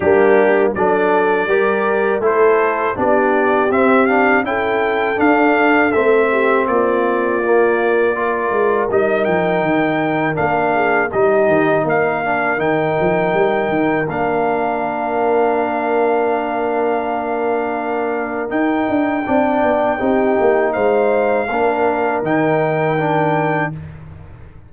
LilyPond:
<<
  \new Staff \with { instrumentName = "trumpet" } { \time 4/4 \tempo 4 = 81 g'4 d''2 c''4 | d''4 e''8 f''8 g''4 f''4 | e''4 d''2. | dis''8 g''4. f''4 dis''4 |
f''4 g''2 f''4~ | f''1~ | f''4 g''2. | f''2 g''2 | }
  \new Staff \with { instrumentName = "horn" } { \time 4/4 d'4 a'4 ais'4 a'4 | g'2 a'2~ | a'8 g'8 f'2 ais'4~ | ais'2~ ais'8 gis'8 g'4 |
ais'1~ | ais'1~ | ais'2 d''4 g'4 | c''4 ais'2. | }
  \new Staff \with { instrumentName = "trombone" } { \time 4/4 ais4 d'4 g'4 e'4 | d'4 c'8 d'8 e'4 d'4 | c'2 ais4 f'4 | dis'2 d'4 dis'4~ |
dis'8 d'8 dis'2 d'4~ | d'1~ | d'4 dis'4 d'4 dis'4~ | dis'4 d'4 dis'4 d'4 | }
  \new Staff \with { instrumentName = "tuba" } { \time 4/4 g4 fis4 g4 a4 | b4 c'4 cis'4 d'4 | a4 ais2~ ais8 gis8 | g8 f8 dis4 ais4 g8 dis8 |
ais4 dis8 f8 g8 dis8 ais4~ | ais1~ | ais4 dis'8 d'8 c'8 b8 c'8 ais8 | gis4 ais4 dis2 | }
>>